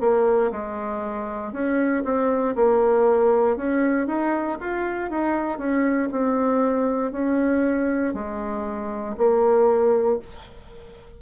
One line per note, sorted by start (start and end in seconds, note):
0.00 0.51 A#3
0.51 1.53 G#3
1.53 2.03 C#4
2.04 2.55 C4
2.55 3.56 A#3
3.56 4.07 C#4
4.07 4.58 D#4
4.60 5.10 F4
5.10 5.58 D#4
5.58 6.09 C#4
6.11 7.12 C4
7.12 8.14 C#4
8.14 9.15 G#3
9.17 10.19 A#3